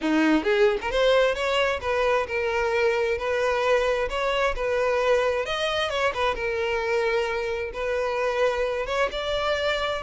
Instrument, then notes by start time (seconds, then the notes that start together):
violin
0.01 D#4
0.43 G#4
0.81 A#4
0.91 C5
1.34 C#5
1.81 B4
2.27 A#4
3.18 B4
4.09 C#5
4.55 B4
5.45 D#5
5.90 C#5
6.14 B4
6.35 A#4
7.73 B4
8.86 C#5
9.11 D5